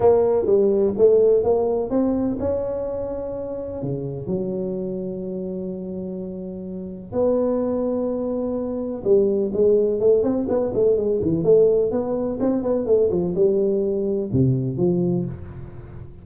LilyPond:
\new Staff \with { instrumentName = "tuba" } { \time 4/4 \tempo 4 = 126 ais4 g4 a4 ais4 | c'4 cis'2. | cis4 fis2.~ | fis2. b4~ |
b2. g4 | gis4 a8 c'8 b8 a8 gis8 e8 | a4 b4 c'8 b8 a8 f8 | g2 c4 f4 | }